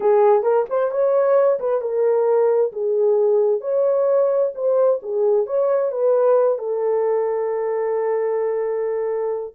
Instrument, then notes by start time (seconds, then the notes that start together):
horn
0.00 G#4
0.42 A#4
0.69 C5
0.91 C#5
1.59 B4
1.81 A#4
2.72 G#4
3.61 C#5
4.54 C5
5.02 G#4
5.46 C#5
5.91 B4
6.58 A4